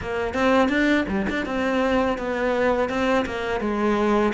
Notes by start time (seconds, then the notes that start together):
0.01 A#3
0.34 C4
0.68 D4
1.08 G3
1.29 D4
1.45 C4
2.18 B3
2.89 C4
3.25 A#3
3.60 G#3